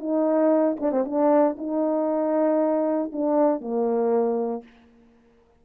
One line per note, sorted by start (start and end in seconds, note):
0.00 0.77 D#4
0.80 0.92 D4
0.92 1.05 C4
1.05 1.56 D4
1.58 3.12 D#4
3.12 3.61 D4
3.61 4.64 A#3